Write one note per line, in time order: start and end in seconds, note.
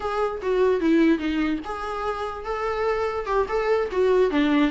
0.00 0.41 G#4
0.42 0.80 F#4
0.80 1.18 E4
1.18 1.59 D#4
1.64 2.45 G#4
2.45 3.26 A4
3.26 3.46 G4
3.48 3.89 A4
3.91 4.30 F#4
4.30 4.71 D4